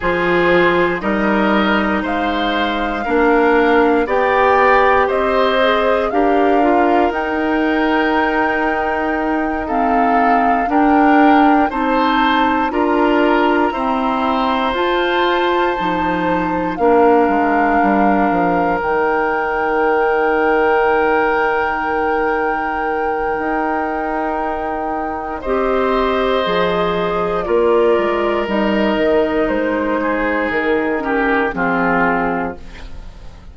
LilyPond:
<<
  \new Staff \with { instrumentName = "flute" } { \time 4/4 \tempo 4 = 59 c''4 dis''4 f''2 | g''4 dis''4 f''4 g''4~ | g''4. f''4 g''4 a''8~ | a''8 ais''2 a''4.~ |
a''8 f''2 g''4.~ | g''1~ | g''4 dis''2 d''4 | dis''4 c''4 ais'4 gis'4 | }
  \new Staff \with { instrumentName = "oboe" } { \time 4/4 gis'4 ais'4 c''4 ais'4 | d''4 c''4 ais'2~ | ais'4. a'4 ais'4 c''8~ | c''8 ais'4 c''2~ c''8~ |
c''8 ais'2.~ ais'8~ | ais'1~ | ais'4 c''2 ais'4~ | ais'4. gis'4 g'8 f'4 | }
  \new Staff \with { instrumentName = "clarinet" } { \time 4/4 f'4 dis'2 d'4 | g'4. gis'8 g'8 f'8 dis'4~ | dis'4. c'4 d'4 dis'8~ | dis'8 f'4 c'4 f'4 dis'8~ |
dis'8 d'2 dis'4.~ | dis'1~ | dis'4 g'4 gis'4 f'4 | dis'2~ dis'8 cis'8 c'4 | }
  \new Staff \with { instrumentName = "bassoon" } { \time 4/4 f4 g4 gis4 ais4 | b4 c'4 d'4 dis'4~ | dis'2~ dis'8 d'4 c'8~ | c'8 d'4 e'4 f'4 f8~ |
f8 ais8 gis8 g8 f8 dis4.~ | dis2. dis'4~ | dis'4 c'4 f4 ais8 gis8 | g8 dis8 gis4 dis4 f4 | }
>>